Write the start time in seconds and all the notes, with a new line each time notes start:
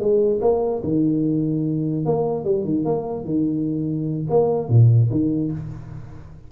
0.00 G#3
0.42 A#3
0.84 D#3
2.06 A#3
2.45 G3
2.65 D#3
2.85 A#3
3.25 D#3
4.30 A#3
4.69 A#2
5.11 D#3